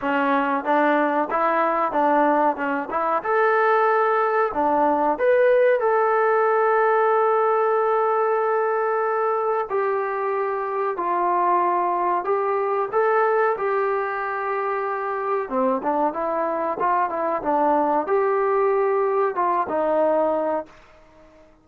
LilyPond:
\new Staff \with { instrumentName = "trombone" } { \time 4/4 \tempo 4 = 93 cis'4 d'4 e'4 d'4 | cis'8 e'8 a'2 d'4 | b'4 a'2.~ | a'2. g'4~ |
g'4 f'2 g'4 | a'4 g'2. | c'8 d'8 e'4 f'8 e'8 d'4 | g'2 f'8 dis'4. | }